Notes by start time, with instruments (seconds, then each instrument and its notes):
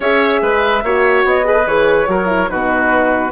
0.00 bassoon C#4, horn G#4, oboe C#5, flute E5
0.41 bassoon G#3, oboe B4
0.83 bassoon A#3, horn F#4, oboe C#5
1.24 bassoon B3, flute D#5
1.44 horn G#4, oboe B4
1.53 horn A4
1.65 bassoon E3, horn G#4, flute C#5
2.07 bassoon F#3, horn F#4, oboe A#4
2.26 horn E4
2.49 bassoon B2, horn D#4, oboe F#4, flute B4